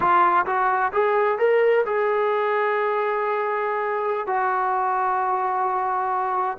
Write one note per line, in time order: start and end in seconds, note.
0.00 0.45 F4
0.46 0.92 F#4
0.93 1.38 G#4
1.38 1.84 A#4
1.85 4.26 G#4
4.26 6.57 F#4